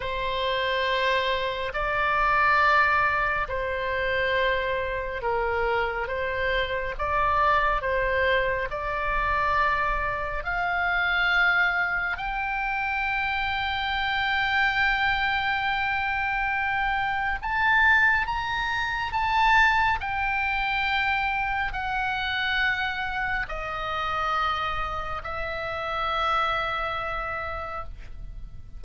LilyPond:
\new Staff \with { instrumentName = "oboe" } { \time 4/4 \tempo 4 = 69 c''2 d''2 | c''2 ais'4 c''4 | d''4 c''4 d''2 | f''2 g''2~ |
g''1 | a''4 ais''4 a''4 g''4~ | g''4 fis''2 dis''4~ | dis''4 e''2. | }